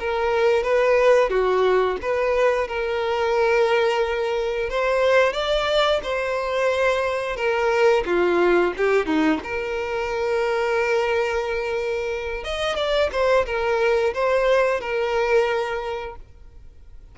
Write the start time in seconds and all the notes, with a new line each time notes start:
0.00 A#4
0.63 B4
1.30 F#4
2.02 B4
2.68 A#4
4.70 C5
5.33 D5
6.04 C5
7.37 A#4
8.06 F4
8.78 G4
9.06 D#4
9.44 A#4
12.44 D#5
12.77 D5
13.12 C5
13.46 A#4
14.14 C5
14.81 A#4